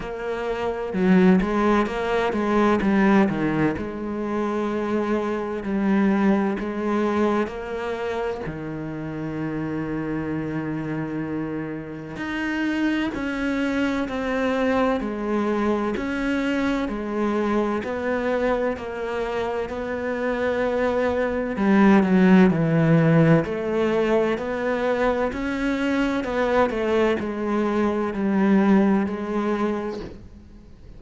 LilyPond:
\new Staff \with { instrumentName = "cello" } { \time 4/4 \tempo 4 = 64 ais4 fis8 gis8 ais8 gis8 g8 dis8 | gis2 g4 gis4 | ais4 dis2.~ | dis4 dis'4 cis'4 c'4 |
gis4 cis'4 gis4 b4 | ais4 b2 g8 fis8 | e4 a4 b4 cis'4 | b8 a8 gis4 g4 gis4 | }